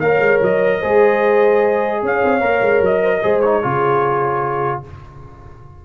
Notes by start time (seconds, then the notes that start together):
0.00 A#3 A#4 C#5 F5
0.19 G#3
0.42 F#3 D#5
0.79 G#3 G#4 C5
2.03 C#4 C#5 F5
2.24 C4
2.41 A#3 A#4
2.61 G#3
2.81 F#3 D#5
3.03 C5
3.16 A#4
3.23 G#3 G#4 C5
3.41 D#4 C#5
3.62 C#3 F4 G#4